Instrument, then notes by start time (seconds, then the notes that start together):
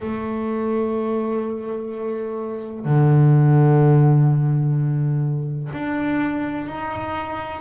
double bass
0.00 A3
2.84 D3
5.72 D4
6.66 D#4